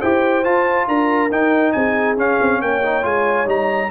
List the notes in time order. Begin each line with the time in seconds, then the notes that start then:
0.00 E4 G4 C5 G5
0.44 F4 A5
0.87 D4 A#4 A#5
1.30 D#4 G5
1.72 C4 G#4 G#5
2.17 C#4 F5
2.41 C4
2.61 A#3 C#5 G5
2.82 D#4
3.02 G#3 F4 G#5
3.46 G3 D#4 A#5